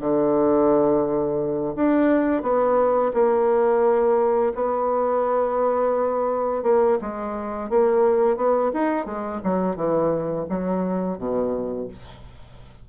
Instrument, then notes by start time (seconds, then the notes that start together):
bassoon
0.00 D3
1.75 D4
2.42 B3
3.13 A#3
4.54 B3
6.63 A#3
7.01 G#3
7.69 A#3
8.36 B3
8.73 D#4
9.05 G#3
9.43 F#3
9.75 E3
10.49 F#3
11.18 B2